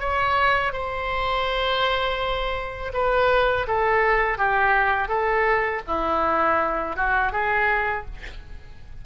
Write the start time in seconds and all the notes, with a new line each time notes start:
0.00 C#5
0.73 C5
2.94 B4
3.68 A4
4.38 G4
5.08 A4
5.87 E4
6.96 F#4
7.32 G#4